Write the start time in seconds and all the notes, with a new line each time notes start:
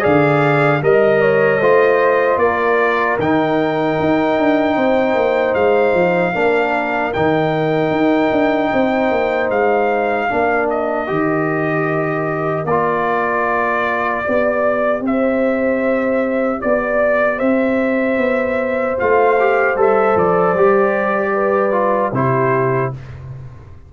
0.00 D3 G#4 D5 F5
0.82 G3 A#4 D#5
1.21 C#5
1.60 A3 F4 C5
2.37 A#3 A#4 D5
3.19 D#3 D#4 G5
4.00 D#4
4.38 D4
4.76 C4 C5
5.14 A#3
5.54 G#3 F5
5.93 F3
6.33 A#3 D4 A#4
7.13 D#3 D#4 G5
7.91 D#4
8.31 D4
8.73 C4 C5
9.11 A#3
9.50 G#3 F5
10.29 A#3 D4 A#4
10.70 D#5
11.07 D#3 G4
12.64 A#3 F4 D5
14.24 B3 G4 D5
15.00 C4 C5 E5
16.60 B3 D5
17.37 C4 C5 E5
18.17 B3
18.97 A3 F4 F5
19.39 G4
19.75 G3 A4 E5
20.15 F3 D5
20.54 G3 G4
21.33 B4
21.72 F4
22.12 C3 E4 G4 C5